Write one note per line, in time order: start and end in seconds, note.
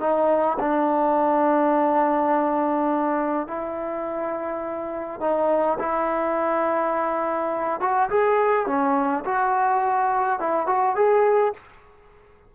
0.00 0.58 D#4
0.59 3.47 D4
3.47 5.20 E4
5.20 5.78 D#4
5.79 7.80 E4
7.80 8.09 F#4
8.10 8.66 G#4
8.66 9.24 C#4
9.25 10.40 F#4
10.40 10.67 E4
10.67 10.95 F#4
10.96 11.53 G#4